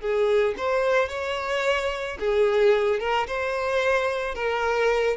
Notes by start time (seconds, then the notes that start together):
0.00 G#4
0.57 C5
1.09 C#5
2.19 G#4
2.99 A#4
3.27 C5
4.34 A#4